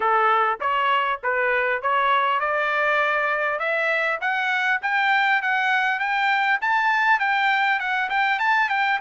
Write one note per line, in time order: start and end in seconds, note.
0.00 0.59 A4
0.60 1.20 C#5
1.23 1.81 B4
1.81 2.39 C#5
2.39 3.59 D5
3.59 4.19 E5
4.20 4.80 F#5
4.82 5.41 G5
5.42 5.99 F#5
5.99 6.59 G5
6.61 7.19 A5
7.19 7.79 G5
7.79 8.09 F#5
8.09 8.39 G5
8.39 8.69 A5
8.69 8.99 G5